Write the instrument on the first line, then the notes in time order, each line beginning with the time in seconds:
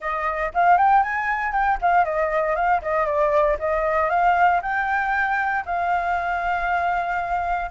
flute
0.00 D#5
0.53 F5
0.77 G5
1.03 G#5
1.52 G5
1.81 F5
2.04 D#5
2.55 F5
2.81 D#5
3.06 D5
3.59 D#5
4.09 F5
4.62 G5
5.65 F5